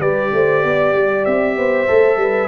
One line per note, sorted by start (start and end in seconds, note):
0.00 0.31 G3
0.00 1.88 G4
0.00 0.32 B4
0.00 1.25 D5
0.33 0.64 A3
0.33 0.66 C5
0.64 0.94 B3
0.64 1.57 D5
0.94 1.25 G3
1.25 1.57 C4
1.25 2.48 E5
1.57 1.88 B3
1.57 2.19 C5
1.88 2.17 A3
1.88 2.48 A4
2.17 2.48 G3
2.17 2.48 B4